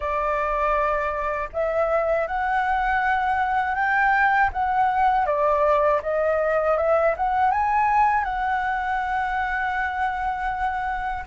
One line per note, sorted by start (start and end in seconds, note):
0.00 1.49 D5
1.52 2.27 E5
2.27 3.75 F#5
3.75 4.50 G5
4.52 5.25 F#5
5.25 6.00 D5
6.02 6.77 D#5
6.77 7.15 E5
7.16 7.51 F#5
7.51 8.24 G#5
8.24 11.24 F#5